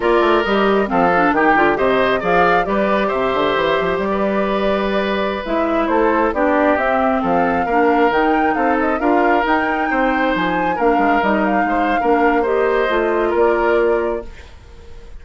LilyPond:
<<
  \new Staff \with { instrumentName = "flute" } { \time 4/4 \tempo 4 = 135 d''4 dis''4 f''4 g''4 | dis''4 f''4 d''4 e''4~ | e''4 d''2.~ | d''16 e''4 c''4 d''4 e''8.~ |
e''16 f''2 g''4 f''8 dis''16~ | dis''16 f''4 g''2 gis''8.~ | gis''16 f''4 dis''8 f''2~ f''16 | dis''2 d''2 | }
  \new Staff \with { instrumentName = "oboe" } { \time 4/4 ais'2 a'4 g'4 | c''4 d''4 b'4 c''4~ | c''4~ c''16 b'2~ b'8.~ | b'4~ b'16 a'4 g'4.~ g'16~ |
g'16 a'4 ais'2 a'8.~ | a'16 ais'2 c''4.~ c''16~ | c''16 ais'2 c''8. ais'4 | c''2 ais'2 | }
  \new Staff \with { instrumentName = "clarinet" } { \time 4/4 f'4 g'4 c'8 d'8 dis'8 f'8 | g'4 gis'4 g'2~ | g'1~ | g'16 e'2 d'4 c'8.~ |
c'4~ c'16 d'4 dis'4.~ dis'16~ | dis'16 f'4 dis'2~ dis'8.~ | dis'16 d'4 dis'4.~ dis'16 d'4 | g'4 f'2. | }
  \new Staff \with { instrumentName = "bassoon" } { \time 4/4 ais8 a8 g4 f4 dis8 d8 | c4 f4 g4 c8 d8 | e8 f8 g2.~ | g16 gis4 a4 b4 c'8.~ |
c'16 f4 ais4 dis4 c'8.~ | c'16 d'4 dis'4 c'4 f8.~ | f16 ais8 gis8 g4 gis8. ais4~ | ais4 a4 ais2 | }
>>